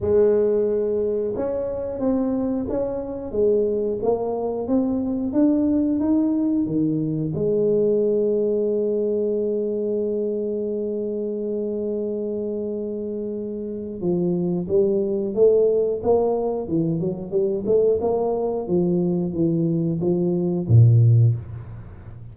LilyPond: \new Staff \with { instrumentName = "tuba" } { \time 4/4 \tempo 4 = 90 gis2 cis'4 c'4 | cis'4 gis4 ais4 c'4 | d'4 dis'4 dis4 gis4~ | gis1~ |
gis1~ | gis4 f4 g4 a4 | ais4 e8 fis8 g8 a8 ais4 | f4 e4 f4 ais,4 | }